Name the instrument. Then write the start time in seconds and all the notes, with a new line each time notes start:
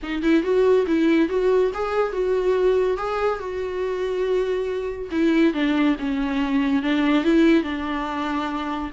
viola
0.02 D#4
0.22 E4
0.43 F#4
0.86 E4
1.29 F#4
1.74 G#4
2.12 F#4
2.97 G#4
3.39 F#4
5.11 E4
5.53 D4
5.99 C#4
6.82 D4
7.24 E4
7.63 D4